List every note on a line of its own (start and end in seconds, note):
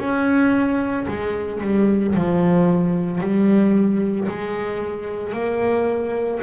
0.00 1.07 C#4
1.08 1.61 G#3
1.61 2.15 G3
2.15 3.21 F3
3.21 4.28 G3
4.29 5.33 G#3
5.33 6.40 A#3